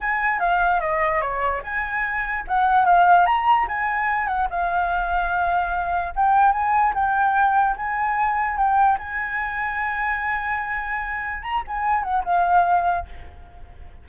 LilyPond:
\new Staff \with { instrumentName = "flute" } { \time 4/4 \tempo 4 = 147 gis''4 f''4 dis''4 cis''4 | gis''2 fis''4 f''4 | ais''4 gis''4. fis''8 f''4~ | f''2. g''4 |
gis''4 g''2 gis''4~ | gis''4 g''4 gis''2~ | gis''1 | ais''8 gis''4 fis''8 f''2 | }